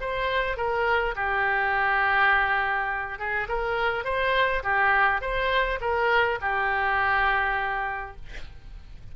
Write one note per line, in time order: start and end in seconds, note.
0.00 0.56 C5
0.56 1.15 A#4
1.15 3.18 G4
3.18 3.47 G#4
3.48 4.04 A#4
4.04 4.63 C5
4.63 5.21 G4
5.21 5.79 C5
5.80 6.39 A#4
6.41 8.16 G4